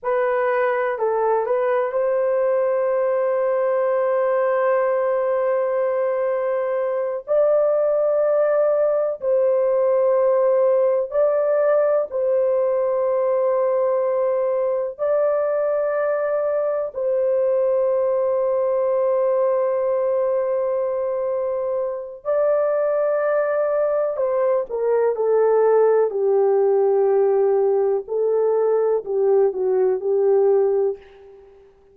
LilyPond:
\new Staff \with { instrumentName = "horn" } { \time 4/4 \tempo 4 = 62 b'4 a'8 b'8 c''2~ | c''2.~ c''8 d''8~ | d''4. c''2 d''8~ | d''8 c''2. d''8~ |
d''4. c''2~ c''8~ | c''2. d''4~ | d''4 c''8 ais'8 a'4 g'4~ | g'4 a'4 g'8 fis'8 g'4 | }